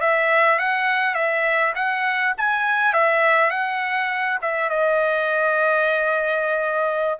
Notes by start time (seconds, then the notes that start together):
0.00 E5
0.59 F#5
1.14 E5
1.75 F#5
2.37 G#5
2.93 E5
3.50 F#5
4.41 E5
4.70 D#5